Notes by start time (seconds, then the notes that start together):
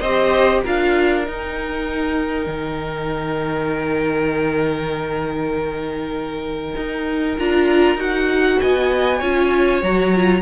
0.00 C4 G4 C5 D#5
0.64 D4 F4 A#4 F5
1.24 D#4 G5
2.47 D#3
6.76 D#4
7.38 D4 F4 A#5
7.95 D#4 F#4 F#5
8.60 B3 D#5 G#5
9.19 C#4 F4 C#5
9.83 F#3 F#4 A#5
10.15 F4